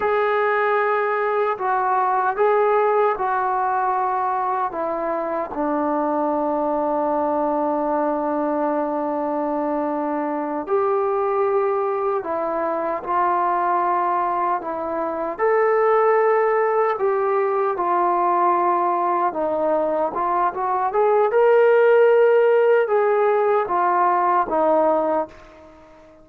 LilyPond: \new Staff \with { instrumentName = "trombone" } { \time 4/4 \tempo 4 = 76 gis'2 fis'4 gis'4 | fis'2 e'4 d'4~ | d'1~ | d'4. g'2 e'8~ |
e'8 f'2 e'4 a'8~ | a'4. g'4 f'4.~ | f'8 dis'4 f'8 fis'8 gis'8 ais'4~ | ais'4 gis'4 f'4 dis'4 | }